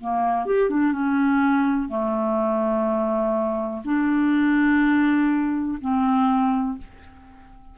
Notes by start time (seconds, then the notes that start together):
0.00 A#3
0.45 G4
0.70 D4
0.92 C#4
1.88 A3
3.84 D4
5.81 C4